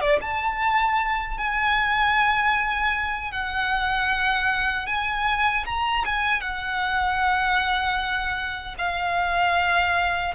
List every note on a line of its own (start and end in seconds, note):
0.00 0.19 D5
0.21 1.37 A5
1.37 3.32 G#5
3.32 4.86 F#5
4.86 5.64 G#5
5.65 6.04 A#5
6.05 6.40 G#5
6.40 8.74 F#5
8.78 10.34 F5